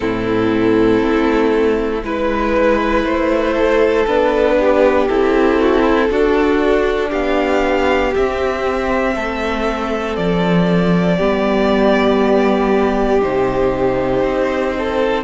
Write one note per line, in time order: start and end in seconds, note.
0.00 1.01 A2
0.00 2.00 C4
0.00 2.04 E4
0.00 2.02 A4
1.01 2.03 A3
2.03 3.04 G#3
2.03 4.07 E4
2.03 3.04 B4
2.03 3.53 B4
3.04 4.05 A3
3.04 4.06 C5
3.53 4.55 A4
4.07 5.08 B3
4.07 5.08 D4
4.07 5.07 B4
4.59 5.60 G4
5.07 6.09 C4
5.07 6.11 E4
5.07 7.11 A4
5.60 5.81 F#4
5.81 6.07 E4
6.09 7.11 D4
6.09 8.14 D4
6.09 7.09 F#4
7.09 8.14 B3
7.09 9.12 G4
7.09 8.13 F5
8.15 11.19 C4
8.15 9.15 C4
8.15 10.15 E5
9.15 10.17 A3
9.15 11.17 A4
10.15 11.19 F3
10.15 13.21 D5
11.17 13.24 G3
11.17 13.21 B3
11.17 14.73 G4
13.21 14.22 C3
13.21 15.24 D#4
13.21 15.24 C5
14.22 15.24 C4
14.78 15.24 A4